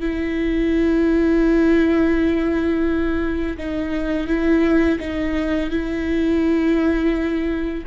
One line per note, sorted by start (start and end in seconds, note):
0.00 3.57 E4
3.57 4.27 D#4
4.27 4.99 E4
5.00 5.70 D#4
5.70 7.84 E4